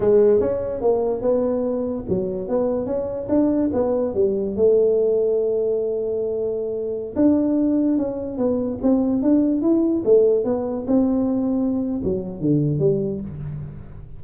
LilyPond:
\new Staff \with { instrumentName = "tuba" } { \time 4/4 \tempo 4 = 145 gis4 cis'4 ais4 b4~ | b4 fis4 b4 cis'4 | d'4 b4 g4 a4~ | a1~ |
a4~ a16 d'2 cis'8.~ | cis'16 b4 c'4 d'4 e'8.~ | e'16 a4 b4 c'4.~ c'16~ | c'4 fis4 d4 g4 | }